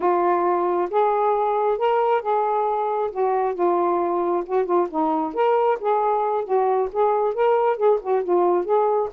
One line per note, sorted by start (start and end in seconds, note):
0.00 0.89 F4
0.90 1.78 G#4
1.78 2.21 A#4
2.21 3.10 G#4
3.11 3.54 F#4
3.54 4.43 F4
4.46 4.65 F#4
4.65 4.87 F4
4.90 5.33 D#4
5.33 5.78 A#4
5.80 6.44 G#4
6.44 6.88 F#4
6.92 7.34 G#4
7.34 7.77 A#4
7.77 7.99 G#4
8.01 8.23 F#4
8.23 8.64 F4
8.64 9.09 G#4